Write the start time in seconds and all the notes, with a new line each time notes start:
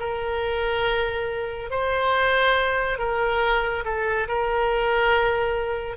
0.00 A#4
1.71 C5
2.98 A#4
3.85 A4
4.28 A#4